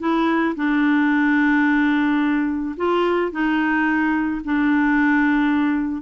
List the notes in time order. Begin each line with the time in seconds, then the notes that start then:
0.00 E4
0.56 D4
2.77 F4
3.32 D#4
4.45 D4